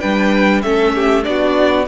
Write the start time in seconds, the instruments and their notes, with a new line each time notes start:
0.00 cello G3, viola D4, violin B4 G5
0.62 cello A3, viola C#4, violin A4 E5
0.95 violin G4
1.23 cello B3, viola D4, violin F#4 D5